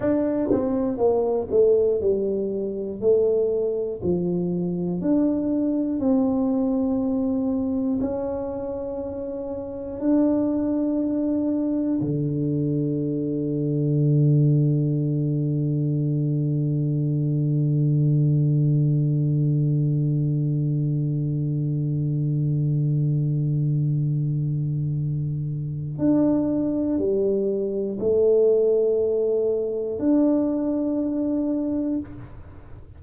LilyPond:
\new Staff \with { instrumentName = "tuba" } { \time 4/4 \tempo 4 = 60 d'8 c'8 ais8 a8 g4 a4 | f4 d'4 c'2 | cis'2 d'2 | d1~ |
d1~ | d1~ | d2 d'4 g4 | a2 d'2 | }